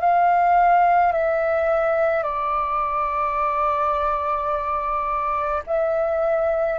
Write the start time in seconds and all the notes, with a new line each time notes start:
0.00 F5
1.12 E5
2.23 D5
5.67 E5